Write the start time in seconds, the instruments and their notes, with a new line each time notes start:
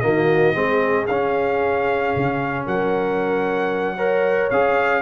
0.00 tuba D#3, trombone A#3, horn F#4, trumpet D#5
0.53 tuba G#3, trombone C4, horn G#4
1.07 tuba C#4, trombone C#4, trumpet F5
2.16 tuba C#3
2.65 tuba F#3, horn A#4, trumpet F#5
3.96 trombone A#4, horn C#5
4.50 tuba C#4, trombone G#4, trumpet F5